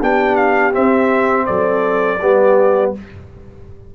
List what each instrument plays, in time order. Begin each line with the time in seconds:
0.00 tuba B3, trombone D4, horn G4, trumpet G5
0.36 trumpet F5
0.73 trombone C4, tuba C4, trumpet E5
1.46 tuba F#3, horn A4, trumpet D5
2.21 tuba G3, trombone B3, horn G4